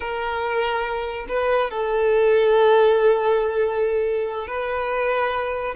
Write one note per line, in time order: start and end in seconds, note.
0.00 1.26 A#4
1.28 1.70 B4
1.70 4.47 A4
4.47 5.74 B4